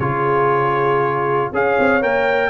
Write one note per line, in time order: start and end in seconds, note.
0.00 1.53 C#3
0.00 1.53 F4
0.00 1.54 G#4
0.00 1.53 C#5
1.53 1.78 C#4
1.53 2.02 G#4
1.53 2.51 C#5
1.53 2.03 F5
1.79 2.04 C4
2.02 2.51 A#3
2.02 2.51 A#4
2.02 2.51 G5